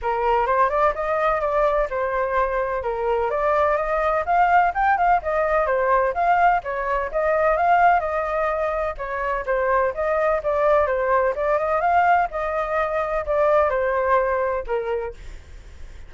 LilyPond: \new Staff \with { instrumentName = "flute" } { \time 4/4 \tempo 4 = 127 ais'4 c''8 d''8 dis''4 d''4 | c''2 ais'4 d''4 | dis''4 f''4 g''8 f''8 dis''4 | c''4 f''4 cis''4 dis''4 |
f''4 dis''2 cis''4 | c''4 dis''4 d''4 c''4 | d''8 dis''8 f''4 dis''2 | d''4 c''2 ais'4 | }